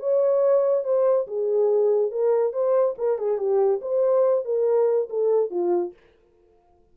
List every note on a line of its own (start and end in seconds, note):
0.00 0.85 C#5
0.85 1.27 C5
1.28 2.12 G#4
2.12 2.53 A#4
2.53 2.96 C5
2.99 3.19 A#4
3.19 3.38 G#4
3.38 3.81 G4
3.82 4.45 C5
4.45 5.09 A#4
5.10 5.51 A4
5.51 5.94 F4